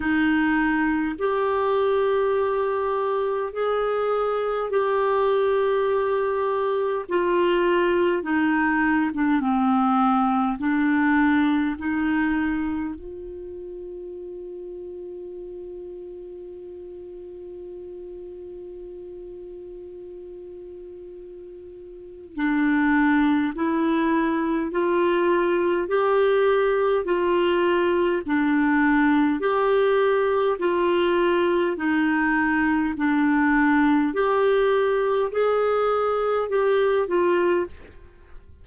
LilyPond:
\new Staff \with { instrumentName = "clarinet" } { \time 4/4 \tempo 4 = 51 dis'4 g'2 gis'4 | g'2 f'4 dis'8. d'16 | c'4 d'4 dis'4 f'4~ | f'1~ |
f'2. d'4 | e'4 f'4 g'4 f'4 | d'4 g'4 f'4 dis'4 | d'4 g'4 gis'4 g'8 f'8 | }